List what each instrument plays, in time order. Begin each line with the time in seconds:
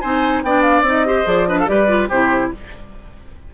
0.00 bassoon C4, clarinet D#4, oboe C5, flute G#5
0.43 bassoon B3, clarinet D4, oboe D5, flute G5
0.61 flute F5
0.81 bassoon C4, clarinet D#4
0.89 flute D#5
1.05 clarinet G4, oboe C5
1.24 bassoon F3, clarinet G#4, flute D5
1.47 clarinet D4, oboe B4, flute D#5
1.58 oboe A4, flute F5
1.66 bassoon G3, clarinet G4, oboe B4, flute D5
1.87 clarinet F4
2.09 bassoon C3, clarinet E4, oboe G4, flute C5